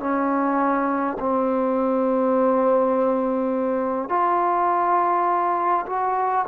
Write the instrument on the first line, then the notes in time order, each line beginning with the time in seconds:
trombone
0.00 C#4
1.20 C4
4.09 F4
5.87 F#4